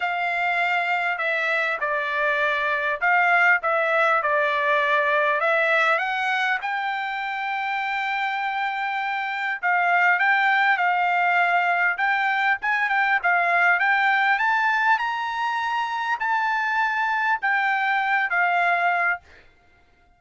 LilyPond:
\new Staff \with { instrumentName = "trumpet" } { \time 4/4 \tempo 4 = 100 f''2 e''4 d''4~ | d''4 f''4 e''4 d''4~ | d''4 e''4 fis''4 g''4~ | g''1 |
f''4 g''4 f''2 | g''4 gis''8 g''8 f''4 g''4 | a''4 ais''2 a''4~ | a''4 g''4. f''4. | }